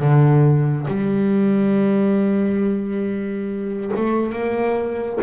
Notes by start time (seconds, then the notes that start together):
0.00 D3
0.87 G3
3.96 A3
4.33 A#3